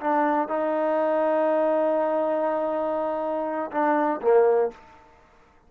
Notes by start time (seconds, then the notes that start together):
0.00 D4
0.48 D#4
3.71 D4
4.22 A#3